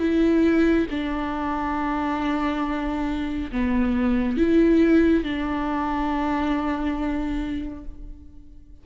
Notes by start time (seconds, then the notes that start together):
0.00 E4
0.91 D4
3.52 B3
4.38 E4
5.24 D4